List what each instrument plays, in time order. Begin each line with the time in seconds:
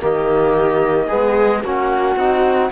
0.00 cello D#3, trombone A#3, viola G4, flute D#5
1.07 cello G#3, trombone B3, viola G#4
1.63 cello A#3, trombone C#4, viola F#4, flute F#5
2.16 cello C4, trombone D#4